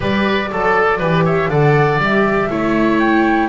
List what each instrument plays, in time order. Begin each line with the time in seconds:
0.00 double bass G3, viola G4, oboe B4, flute D5
0.50 double bass F#3, viola A4, oboe A4
0.98 double bass E3, viola G4, oboe B4
1.25 oboe C#5, flute E5
1.48 double bass D3, viola A4, oboe D5, flute F#5
1.98 double bass G3, viola G4, flute E5
2.49 double bass A3, viola E4, oboe C#5
2.99 flute G5